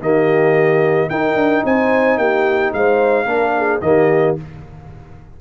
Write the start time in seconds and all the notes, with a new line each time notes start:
0.00 D#3 A#3 G4 D#5
1.09 D#4 A#4 G5
1.35 D4
1.64 C4 C5 G#5
2.17 A#3 G4 G5
2.73 G#3 C5 F5
3.25 A#3 D4 A#4
3.57 G#4
3.81 D#3 A#3 G4 D#5